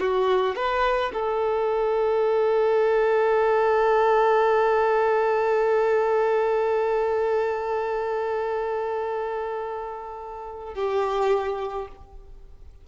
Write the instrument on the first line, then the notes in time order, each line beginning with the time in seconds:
violin
0.00 F#4
0.56 B4
1.14 A4
10.75 G4